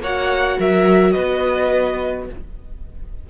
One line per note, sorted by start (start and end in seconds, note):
0.00 0.57 A#3
0.00 2.30 F#4
0.00 0.58 C#5
0.00 0.60 F#5
0.58 1.15 F#3
0.58 1.13 A#4
0.58 1.12 E5
1.12 2.29 B3
1.12 2.26 B4
1.12 2.25 D#5